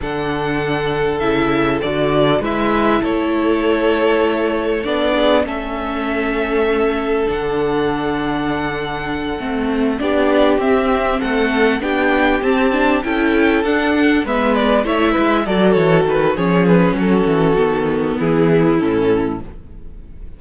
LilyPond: <<
  \new Staff \with { instrumentName = "violin" } { \time 4/4 \tempo 4 = 99 fis''2 e''4 d''4 | e''4 cis''2. | d''4 e''2. | fis''1~ |
fis''8 d''4 e''4 fis''4 g''8~ | g''8 a''4 g''4 fis''4 e''8 | d''8 e''4 d''8 cis''8 b'8 cis''8 b'8 | a'2 gis'4 a'4 | }
  \new Staff \with { instrumentName = "violin" } { \time 4/4 a'1 | b'4 a'2.~ | a'8 gis'8 a'2.~ | a'1~ |
a'8 g'2 a'4 g'8~ | g'4. a'2 b'8~ | b'8 cis''8 b'8 a'4. gis'4 | fis'2 e'2 | }
  \new Staff \with { instrumentName = "viola" } { \time 4/4 d'2 e'4 fis'4 | e'1 | d'4 cis'2. | d'2.~ d'8 c'8~ |
c'8 d'4 c'2 d'8~ | d'8 c'8 d'8 e'4 d'4 b8~ | b8 e'4 fis'4. cis'4~ | cis'4 b2 cis'4 | }
  \new Staff \with { instrumentName = "cello" } { \time 4/4 d2 cis4 d4 | gis4 a2. | b4 a2. | d2.~ d8 a8~ |
a8 b4 c'4 a4 b8~ | b8 c'4 cis'4 d'4 gis8~ | gis8 a8 gis8 fis8 e8 dis8 f4 | fis8 e8 dis4 e4 a,4 | }
>>